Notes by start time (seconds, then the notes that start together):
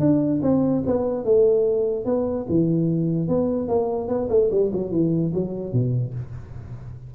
0.00 D4
0.42 C4
0.86 B3
1.25 A3
2.05 B3
2.49 E3
3.29 B3
3.69 A#3
4.09 B3
4.30 A3
4.51 G3
4.73 F#3
4.92 E3
5.34 F#3
5.73 B2